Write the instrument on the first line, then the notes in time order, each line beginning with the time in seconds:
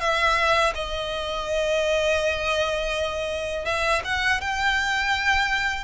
violin
0.00 E5
0.75 D#5
3.66 E5
4.05 F#5
4.41 G5